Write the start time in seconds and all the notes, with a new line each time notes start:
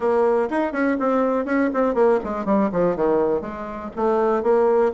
0.00 A#3
0.50 D#4
0.72 C#4
0.99 C4
1.45 C#4
1.73 C4
1.94 A#3
2.24 G#3
2.45 G3
2.72 F3
2.96 D#3
3.41 G#3
3.96 A3
4.42 A#3